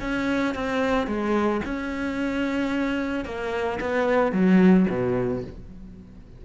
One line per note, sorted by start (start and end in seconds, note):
0.00 0.54 C#4
0.54 1.07 C4
1.07 1.61 G#3
1.64 3.25 C#4
3.25 3.79 A#3
3.80 4.32 B3
4.32 4.86 F#3
4.89 5.43 B2